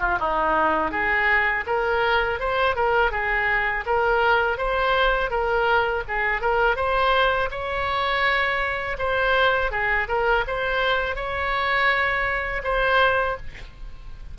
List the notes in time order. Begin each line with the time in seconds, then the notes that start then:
0.00 F4
0.20 D#4
0.91 G#4
1.66 A#4
2.39 C5
2.75 A#4
3.11 G#4
3.86 A#4
4.58 C5
5.30 A#4
6.08 G#4
6.41 A#4
6.76 C5
7.50 C#5
8.98 C5
9.71 G#4
10.08 A#4
10.47 C5
11.16 C#5
12.64 C5